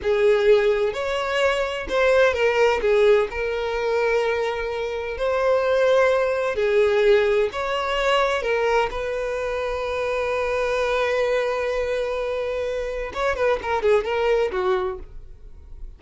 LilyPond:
\new Staff \with { instrumentName = "violin" } { \time 4/4 \tempo 4 = 128 gis'2 cis''2 | c''4 ais'4 gis'4 ais'4~ | ais'2. c''4~ | c''2 gis'2 |
cis''2 ais'4 b'4~ | b'1~ | b'1 | cis''8 b'8 ais'8 gis'8 ais'4 fis'4 | }